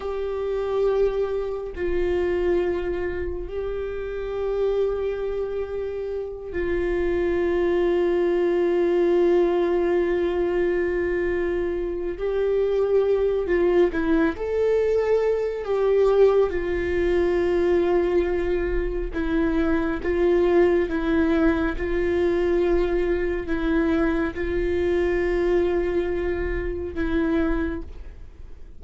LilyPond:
\new Staff \with { instrumentName = "viola" } { \time 4/4 \tempo 4 = 69 g'2 f'2 | g'2.~ g'8 f'8~ | f'1~ | f'2 g'4. f'8 |
e'8 a'4. g'4 f'4~ | f'2 e'4 f'4 | e'4 f'2 e'4 | f'2. e'4 | }